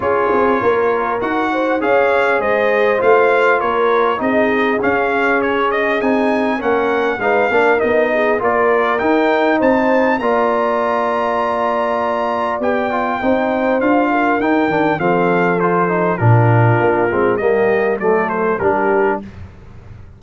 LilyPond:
<<
  \new Staff \with { instrumentName = "trumpet" } { \time 4/4 \tempo 4 = 100 cis''2 fis''4 f''4 | dis''4 f''4 cis''4 dis''4 | f''4 cis''8 dis''8 gis''4 fis''4 | f''4 dis''4 d''4 g''4 |
a''4 ais''2.~ | ais''4 g''2 f''4 | g''4 f''4 c''4 ais'4~ | ais'4 dis''4 d''8 c''8 ais'4 | }
  \new Staff \with { instrumentName = "horn" } { \time 4/4 gis'4 ais'4. c''8 cis''4 | c''2 ais'4 gis'4~ | gis'2. ais'4 | b'8 ais'4 gis'8 ais'2 |
c''4 d''2.~ | d''2 c''4. ais'8~ | ais'4 a'2 f'4~ | f'4 g'4 a'4 g'4 | }
  \new Staff \with { instrumentName = "trombone" } { \time 4/4 f'2 fis'4 gis'4~ | gis'4 f'2 dis'4 | cis'2 dis'4 cis'4 | dis'8 d'8 dis'4 f'4 dis'4~ |
dis'4 f'2.~ | f'4 g'8 f'8 dis'4 f'4 | dis'8 d'8 c'4 f'8 dis'8 d'4~ | d'8 c'8 ais4 a4 d'4 | }
  \new Staff \with { instrumentName = "tuba" } { \time 4/4 cis'8 c'8 ais4 dis'4 cis'4 | gis4 a4 ais4 c'4 | cis'2 c'4 ais4 | gis8 ais8 b4 ais4 dis'4 |
c'4 ais2.~ | ais4 b4 c'4 d'4 | dis'8 dis8 f2 ais,4 | ais8 gis8 g4 fis4 g4 | }
>>